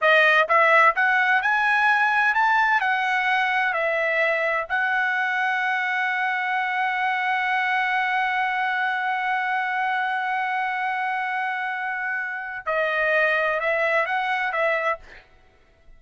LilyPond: \new Staff \with { instrumentName = "trumpet" } { \time 4/4 \tempo 4 = 128 dis''4 e''4 fis''4 gis''4~ | gis''4 a''4 fis''2 | e''2 fis''2~ | fis''1~ |
fis''1~ | fis''1~ | fis''2. dis''4~ | dis''4 e''4 fis''4 e''4 | }